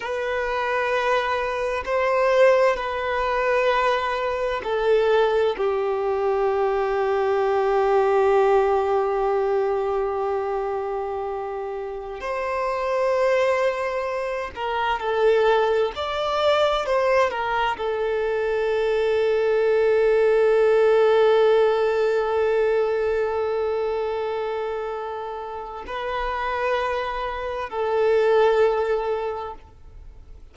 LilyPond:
\new Staff \with { instrumentName = "violin" } { \time 4/4 \tempo 4 = 65 b'2 c''4 b'4~ | b'4 a'4 g'2~ | g'1~ | g'4~ g'16 c''2~ c''8 ais'16~ |
ais'16 a'4 d''4 c''8 ais'8 a'8.~ | a'1~ | a'1 | b'2 a'2 | }